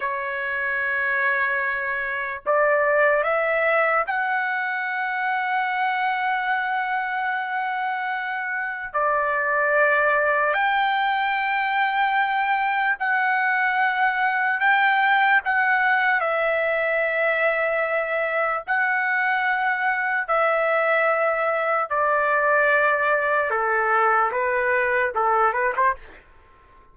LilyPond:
\new Staff \with { instrumentName = "trumpet" } { \time 4/4 \tempo 4 = 74 cis''2. d''4 | e''4 fis''2.~ | fis''2. d''4~ | d''4 g''2. |
fis''2 g''4 fis''4 | e''2. fis''4~ | fis''4 e''2 d''4~ | d''4 a'4 b'4 a'8 b'16 c''16 | }